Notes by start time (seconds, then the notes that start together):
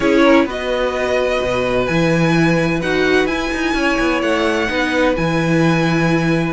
0.00 C#4 E4 G#4 C#5
0.22 A#4
0.45 B3 F#4 B4 D#5
1.41 B2
1.86 E3 E4 G#5
2.81 D#4 F#4 F#5
3.25 E4 G#5
3.53 D#4
3.74 C#4 C#5
3.99 B3
4.22 A3 F#5
4.67 B3 D#4 B4
5.15 E3 E4 G#5